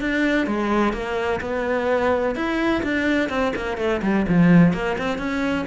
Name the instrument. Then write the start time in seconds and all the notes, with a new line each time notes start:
cello
0.00 D4
0.47 G#3
0.93 A#3
1.41 B3
2.35 E4
2.83 D4
3.29 C4
3.56 A#3
3.77 A3
4.02 G3
4.28 F3
4.74 A#3
4.98 C4
5.18 C#4